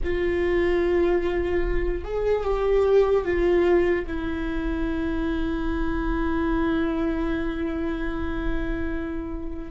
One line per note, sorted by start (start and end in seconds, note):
0.03 2.04 F4
2.04 2.44 G#4
2.44 3.24 G4
3.24 4.05 F4
4.06 9.71 E4